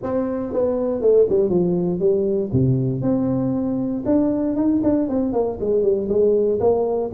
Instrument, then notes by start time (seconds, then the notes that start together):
tuba
0.02 C4
0.52 B3
1.01 A3
1.29 G3
1.49 F3
1.99 G3
2.52 C3
3.01 C4
4.05 D4
4.56 D#4
4.83 D4
5.08 C4
5.33 A#3
5.60 G#3
5.82 G3
6.08 G#3
6.60 A#3